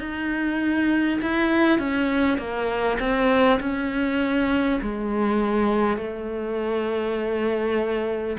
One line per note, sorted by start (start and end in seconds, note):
0.00 1.20 D#4
1.22 1.79 E4
1.79 2.38 C#4
2.38 2.98 A#3
3.00 3.60 C4
3.61 4.81 C#4
4.82 5.97 G#3
5.97 8.37 A3